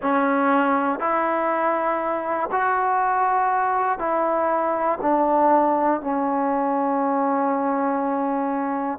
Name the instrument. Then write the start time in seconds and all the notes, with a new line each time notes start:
trombone
0.01 C#4
0.99 E4
2.51 F#4
3.99 E4
5.01 D4
6.00 C#4